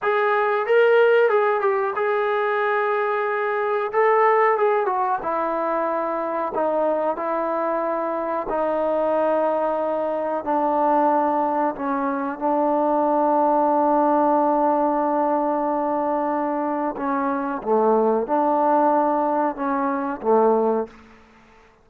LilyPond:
\new Staff \with { instrumentName = "trombone" } { \time 4/4 \tempo 4 = 92 gis'4 ais'4 gis'8 g'8 gis'4~ | gis'2 a'4 gis'8 fis'8 | e'2 dis'4 e'4~ | e'4 dis'2. |
d'2 cis'4 d'4~ | d'1~ | d'2 cis'4 a4 | d'2 cis'4 a4 | }